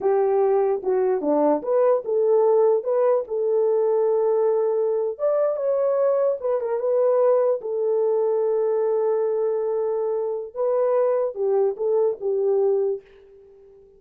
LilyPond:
\new Staff \with { instrumentName = "horn" } { \time 4/4 \tempo 4 = 148 g'2 fis'4 d'4 | b'4 a'2 b'4 | a'1~ | a'8. d''4 cis''2 b'16~ |
b'16 ais'8 b'2 a'4~ a'16~ | a'1~ | a'2 b'2 | g'4 a'4 g'2 | }